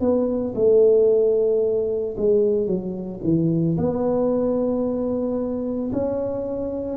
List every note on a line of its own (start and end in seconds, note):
0.00 0.54 B3
0.55 2.16 A3
2.17 2.66 G#3
2.66 3.20 F#3
3.23 3.76 E3
3.77 5.91 B3
5.92 6.97 C#4